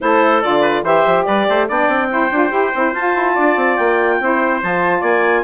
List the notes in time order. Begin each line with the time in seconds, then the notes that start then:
0.00 A3 E4 A4 C5
0.42 D3 F4 D5
0.60 B4
0.83 E3 G4 C5 E5
1.05 F3
1.24 G3 B4 D5
1.49 A3 C5
1.67 B3 D4 D5 G5
1.87 C4
2.10 E4 C5
2.31 D4 F4
2.50 E4 G4
2.74 C4 E4
2.92 F4 A5
3.15 E4
3.34 D4 D5
3.56 C4
3.75 A#3 G5
4.20 C4 E4 C5
4.61 F3 F4 A5
5.00 A#3 D5 G#5